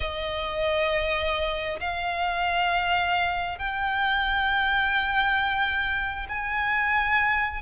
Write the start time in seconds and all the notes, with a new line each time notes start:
0.00 D#5
1.80 F5
3.58 G5
6.28 G#5